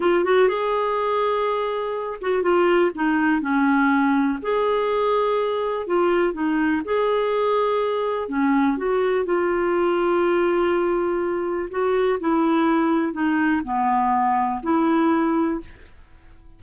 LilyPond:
\new Staff \with { instrumentName = "clarinet" } { \time 4/4 \tempo 4 = 123 f'8 fis'8 gis'2.~ | gis'8 fis'8 f'4 dis'4 cis'4~ | cis'4 gis'2. | f'4 dis'4 gis'2~ |
gis'4 cis'4 fis'4 f'4~ | f'1 | fis'4 e'2 dis'4 | b2 e'2 | }